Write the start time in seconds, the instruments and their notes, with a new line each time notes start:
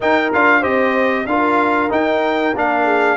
0.00 trombone D#4, tuba D#4, horn A#4, trumpet G5
0.33 tuba D4, trombone F4, trumpet F5
0.59 tuba C4, trombone G4, horn C5, trumpet D#5
1.26 tuba D4, trombone F4, horn A#4, trumpet F5
1.89 trombone D#4, tuba D#4, trumpet G5
2.53 tuba A#3, trombone D4, trumpet F5
2.84 horn G#4